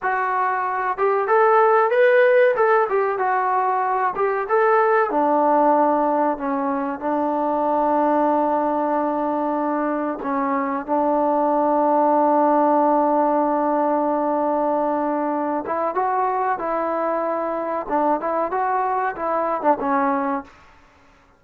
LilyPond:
\new Staff \with { instrumentName = "trombone" } { \time 4/4 \tempo 4 = 94 fis'4. g'8 a'4 b'4 | a'8 g'8 fis'4. g'8 a'4 | d'2 cis'4 d'4~ | d'1 |
cis'4 d'2.~ | d'1~ | d'8 e'8 fis'4 e'2 | d'8 e'8 fis'4 e'8. d'16 cis'4 | }